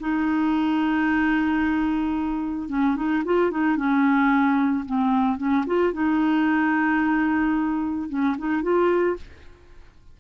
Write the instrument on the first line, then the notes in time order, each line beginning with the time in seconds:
clarinet
0.00 D#4
2.69 C#4
2.96 D#4
3.25 F4
3.51 D#4
3.77 C#4
4.86 C4
5.38 C#4
5.67 F4
5.93 D#4
8.09 C#4
8.38 D#4
8.62 F4